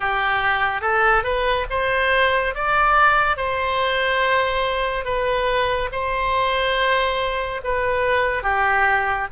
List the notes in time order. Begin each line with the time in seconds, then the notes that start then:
0.00 G4
0.81 A4
1.23 B4
1.70 C5
2.55 D5
3.36 C5
5.05 B4
5.92 C5
7.64 B4
8.42 G4